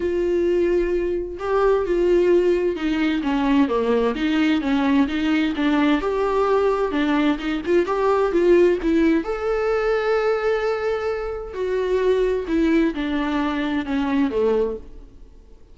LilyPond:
\new Staff \with { instrumentName = "viola" } { \time 4/4 \tempo 4 = 130 f'2. g'4 | f'2 dis'4 cis'4 | ais4 dis'4 cis'4 dis'4 | d'4 g'2 d'4 |
dis'8 f'8 g'4 f'4 e'4 | a'1~ | a'4 fis'2 e'4 | d'2 cis'4 a4 | }